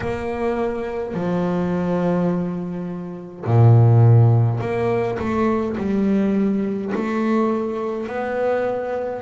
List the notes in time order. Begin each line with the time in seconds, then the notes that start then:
0.00 A#3
1.14 F3
3.45 A#2
4.60 A#3
5.18 A3
5.77 G3
6.94 A3
8.06 B3